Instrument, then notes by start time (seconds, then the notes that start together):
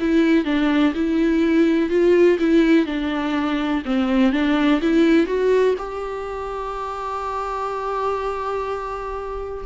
viola
0.00 E4
0.45 D4
0.95 E4
1.90 F4
2.39 E4
2.86 D4
3.85 C4
4.32 D4
4.81 E4
5.27 F#4
5.78 G4